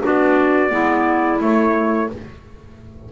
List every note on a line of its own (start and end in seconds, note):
0.00 0.71 B3
0.00 0.69 D4
0.00 0.71 F#4
0.00 1.42 D5
0.69 1.40 G#3
0.69 1.38 B3
0.69 2.09 E4
1.39 2.08 A3
1.39 2.09 A3
1.39 2.11 C#5